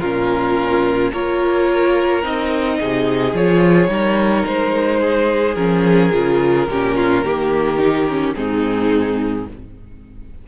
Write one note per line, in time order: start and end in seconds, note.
0.00 1.12 A#2
0.00 1.13 C#4
0.00 1.11 F4
0.00 1.11 A#4
1.11 2.23 A#3
1.11 2.23 F4
1.11 2.78 A#4
1.11 2.24 C#5
2.23 2.79 C4
2.23 3.34 D#4
2.23 3.36 D#5
2.79 3.33 C3
2.79 3.90 G#4
3.33 3.88 F3
3.33 3.88 F4
3.33 4.46 C#5
3.88 4.43 G3
3.88 5.55 D#4
3.88 5.00 A#4
4.46 5.55 G#3
4.46 5.55 C5
5.00 6.67 G#4
5.55 6.11 F3
5.55 6.12 C#4
5.55 8.33 A#4
6.12 6.68 C#3
6.12 6.68 F4
6.68 7.23 A#2
6.68 7.25 C#4
6.68 6.96 G4
6.96 7.24 F4
7.23 8.34 D#3
7.23 7.78 A#3
7.23 8.35 G4
7.78 8.06 D#4
8.09 8.35 C#4
8.35 9.47 G#2
8.35 9.46 C4
8.35 9.48 D#4
8.35 9.46 G#4